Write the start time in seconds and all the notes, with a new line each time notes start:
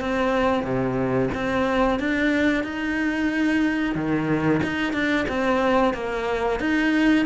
0.00 C4
0.63 C3
1.34 C4
1.99 D4
2.63 D#4
3.95 D#3
4.63 D#4
4.92 D4
5.28 C4
5.94 A#3
6.60 D#4